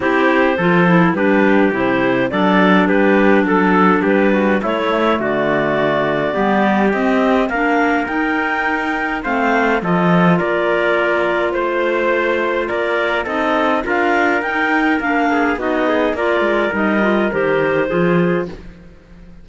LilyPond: <<
  \new Staff \with { instrumentName = "clarinet" } { \time 4/4 \tempo 4 = 104 c''2 b'4 c''4 | d''4 b'4 a'4 b'4 | cis''4 d''2. | dis''4 f''4 g''2 |
f''4 dis''4 d''2 | c''2 d''4 dis''4 | f''4 g''4 f''4 dis''4 | d''4 dis''4 c''2 | }
  \new Staff \with { instrumentName = "trumpet" } { \time 4/4 g'4 a'4 g'2 | a'4 g'4 a'4 g'8 fis'8 | e'4 fis'2 g'4~ | g'4 ais'2. |
c''4 a'4 ais'2 | c''2 ais'4 a'4 | ais'2~ ais'8 gis'8 fis'8 gis'8 | ais'2. gis'4 | }
  \new Staff \with { instrumentName = "clarinet" } { \time 4/4 e'4 f'8 e'8 d'4 e'4 | d'1 | a2. b4 | c'4 d'4 dis'2 |
c'4 f'2.~ | f'2. dis'4 | f'4 dis'4 d'4 dis'4 | f'4 dis'8 f'8 g'4 f'4 | }
  \new Staff \with { instrumentName = "cello" } { \time 4/4 c'4 f4 g4 c4 | fis4 g4 fis4 g4 | a4 d2 g4 | c'4 ais4 dis'2 |
a4 f4 ais2 | a2 ais4 c'4 | d'4 dis'4 ais4 b4 | ais8 gis8 g4 dis4 f4 | }
>>